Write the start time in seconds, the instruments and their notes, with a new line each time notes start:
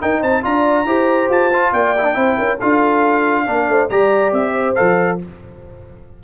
0.00 trombone D#4, tuba D#4, horn A#4, trumpet G5
0.19 tuba C4, horn C5, trumpet A5
0.42 tuba D4, trombone F4, horn D5, trumpet A#5
0.85 tuba E4, trombone G4, horn C5
1.29 tuba F4, trumpet A5
1.53 trombone F4
1.72 tuba A#3, horn D5, trumpet G5
1.97 trombone E4
2.03 trombone D4
2.14 tuba C4, trombone E4, horn C5
2.37 tuba C#4, horn A#4
2.56 tuba D4, trombone F4, horn A4, trumpet F5
3.46 tuba A#3, trombone D4, horn A#4
3.67 tuba A3, horn C5
3.89 tuba G3, trombone G4, horn D5, trumpet A#5
4.32 tuba C4, trumpet E5
4.54 horn C5
4.75 tuba F3, trombone A4, trumpet F5